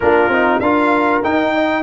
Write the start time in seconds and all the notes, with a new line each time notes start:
0.00 A#3 D4 F4 A#4
0.28 C4 D#4
0.59 D4 F4 A#4 F5
1.23 D#4 G5
1.54 D#5